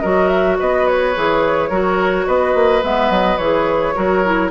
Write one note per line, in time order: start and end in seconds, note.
0.00 0.59 F#3
0.00 1.14 F#4
0.00 0.57 A#4
0.00 0.28 D#5
0.28 0.56 E5
0.59 1.16 B3
0.59 1.69 B4
0.59 0.87 D#5
0.87 2.27 C#5
1.15 1.70 E3
1.15 1.71 G#4
1.69 2.26 F#3
1.69 2.82 F#4
1.69 2.25 A#4
2.27 2.54 B3
2.27 3.95 B4
2.27 2.83 D#5
2.54 2.82 A#3
2.82 3.10 G#3
2.82 3.38 B3
2.82 3.11 E5
3.10 3.38 F#3
3.10 3.37 D#5
3.37 3.94 E3
3.37 3.95 G#4
3.37 4.49 C#5
3.95 4.50 F#3
3.95 4.23 F#4
3.95 4.50 A#4
4.24 4.50 E4